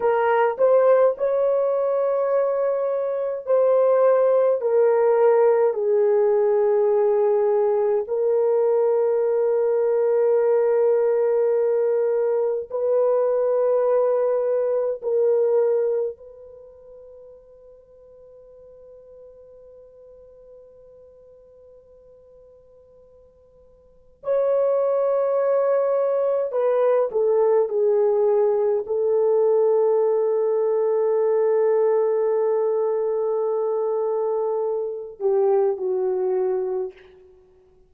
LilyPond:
\new Staff \with { instrumentName = "horn" } { \time 4/4 \tempo 4 = 52 ais'8 c''8 cis''2 c''4 | ais'4 gis'2 ais'4~ | ais'2. b'4~ | b'4 ais'4 b'2~ |
b'1~ | b'4 cis''2 b'8 a'8 | gis'4 a'2.~ | a'2~ a'8 g'8 fis'4 | }